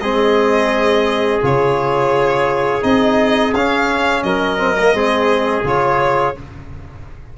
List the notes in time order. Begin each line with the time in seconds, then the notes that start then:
0.00 G#3 C4 G#4 D#5
1.42 C#3 F4 C#5
2.82 C4 D#4 D#5
3.54 C#4 F5
4.23 F#3 A#4 D#5
4.57 C4
4.79 A#3
4.93 G#3 C4 G#4
5.64 C#3 F4 C#5